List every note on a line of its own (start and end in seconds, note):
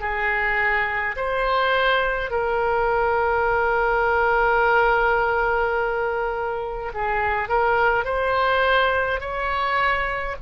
0.00 1.15 G#4
1.16 2.30 C5
2.30 6.92 A#4
6.93 7.48 G#4
7.48 8.05 A#4
8.05 9.20 C5
9.20 10.35 C#5